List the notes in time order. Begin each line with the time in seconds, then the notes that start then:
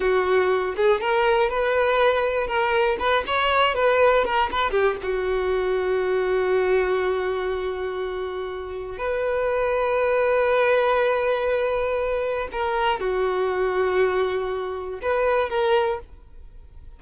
0.00 F#4
0.76 G#4
1.00 A#4
1.49 B4
2.47 A#4
2.99 B4
3.26 C#5
3.75 B4
4.24 A#4
4.51 B4
4.70 G4
5.02 F#4
8.97 B4
12.51 A#4
13.00 F#4
15.02 B4
15.49 A#4